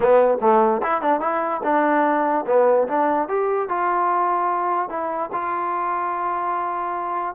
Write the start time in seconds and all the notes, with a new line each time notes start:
0.00 B3
0.40 A3
0.82 E4
1.01 D4
1.20 E4
1.63 D4
2.46 B3
2.88 D4
3.28 G4
3.68 F4
4.89 E4
5.32 F4